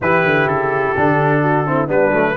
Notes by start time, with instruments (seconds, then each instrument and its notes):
0.00 tuba E3, trombone E4, horn G4, trumpet B4
0.24 tuba D3
0.46 tuba C#3, trumpet A4
0.96 tuba D3, trombone D4
1.42 horn F#4
1.66 trombone C4, horn E4
1.87 tuba G3, trombone B3, horn D4, trumpet B4
2.10 tuba F#3, trombone A3